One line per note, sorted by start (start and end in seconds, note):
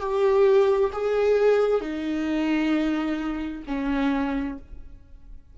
0.00 0.91 G4
0.92 1.81 G#4
1.81 3.62 D#4
3.67 4.58 C#4